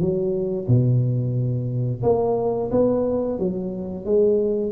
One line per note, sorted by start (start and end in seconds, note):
0.00 0.67 F#3
0.68 2.03 B2
2.03 2.71 A#3
2.72 3.39 B3
3.39 4.05 F#3
4.05 4.72 G#3